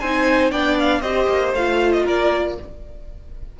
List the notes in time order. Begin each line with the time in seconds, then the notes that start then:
0.00 C4 D#4 C5 G#5
0.51 B3 D4 D5 G5
0.79 F5
1.01 C4 G4 C5 D#5
1.28 A#3
1.53 A3 F4 F5
1.92 D#5
2.04 A#3 A#4 D5